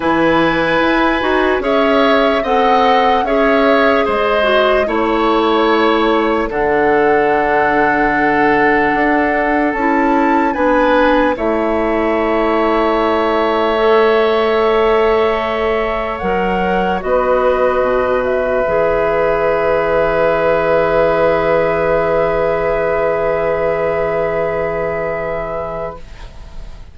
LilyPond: <<
  \new Staff \with { instrumentName = "flute" } { \time 4/4 \tempo 4 = 74 gis''2 e''4 fis''4 | e''4 dis''4 cis''2 | fis''1 | a''4 gis''4 e''2~ |
e''1 | fis''4 dis''4. e''4.~ | e''1~ | e''1 | }
  \new Staff \with { instrumentName = "oboe" } { \time 4/4 b'2 cis''4 dis''4 | cis''4 c''4 cis''2 | a'1~ | a'4 b'4 cis''2~ |
cis''1~ | cis''4 b'2.~ | b'1~ | b'1 | }
  \new Staff \with { instrumentName = "clarinet" } { \time 4/4 e'4. fis'8 gis'4 a'4 | gis'4. fis'8 e'2 | d'1 | e'4 d'4 e'2~ |
e'4 a'2. | ais'4 fis'2 gis'4~ | gis'1~ | gis'1 | }
  \new Staff \with { instrumentName = "bassoon" } { \time 4/4 e4 e'8 dis'8 cis'4 c'4 | cis'4 gis4 a2 | d2. d'4 | cis'4 b4 a2~ |
a1 | fis4 b4 b,4 e4~ | e1~ | e1 | }
>>